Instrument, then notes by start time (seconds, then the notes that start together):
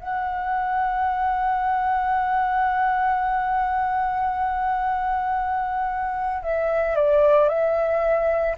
flute
0.00 F#5
6.43 E5
6.96 D5
7.49 E5